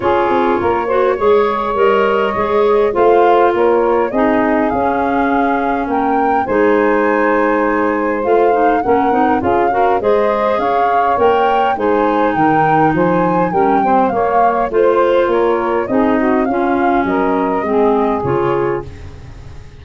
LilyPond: <<
  \new Staff \with { instrumentName = "flute" } { \time 4/4 \tempo 4 = 102 cis''2. dis''4~ | dis''4 f''4 cis''4 dis''4 | f''2 g''4 gis''4~ | gis''2 f''4 fis''4 |
f''4 dis''4 f''4 g''4 | gis''4 g''4 gis''4 g''4 | f''4 c''4 cis''4 dis''4 | f''4 dis''2 cis''4 | }
  \new Staff \with { instrumentName = "saxophone" } { \time 4/4 gis'4 ais'8 c''8 cis''2~ | cis''4 c''4 ais'4 gis'4~ | gis'2 ais'4 c''4~ | c''2. ais'4 |
gis'8 ais'8 c''4 cis''2 | c''4 ais'4 c''4 ais'8 c''8 | cis''4 c''4 ais'4 gis'8 fis'8 | f'4 ais'4 gis'2 | }
  \new Staff \with { instrumentName = "clarinet" } { \time 4/4 f'4. fis'8 gis'4 ais'4 | gis'4 f'2 dis'4 | cis'2. dis'4~ | dis'2 f'8 dis'8 cis'8 dis'8 |
f'8 fis'8 gis'2 ais'4 | dis'2. cis'8 c'8 | ais4 f'2 dis'4 | cis'2 c'4 f'4 | }
  \new Staff \with { instrumentName = "tuba" } { \time 4/4 cis'8 c'8 ais4 gis4 g4 | gis4 a4 ais4 c'4 | cis'2 ais4 gis4~ | gis2 a4 ais8 c'8 |
cis'4 gis4 cis'4 ais4 | gis4 dis4 f4 g4 | ais4 a4 ais4 c'4 | cis'4 fis4 gis4 cis4 | }
>>